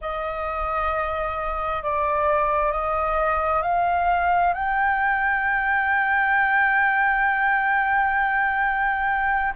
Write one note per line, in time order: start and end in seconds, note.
0.01 1.83 D#5
1.83 2.72 D5
2.72 3.62 D#5
3.62 4.53 F5
4.53 9.53 G5